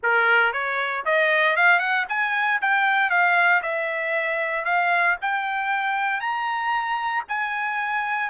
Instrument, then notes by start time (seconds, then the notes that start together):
trumpet
0.02 A#4
0.52 C#5
1.05 D#5
1.56 F5
1.79 F#5
2.08 G#5
2.61 G5
3.10 F5
3.62 E5
4.64 F5
5.21 G5
6.20 A#5
7.28 G#5